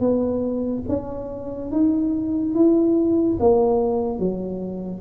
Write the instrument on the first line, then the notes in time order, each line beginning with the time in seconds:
tuba
0.00 B3
0.89 C#4
1.71 D#4
2.54 E4
3.39 A#3
4.19 F#3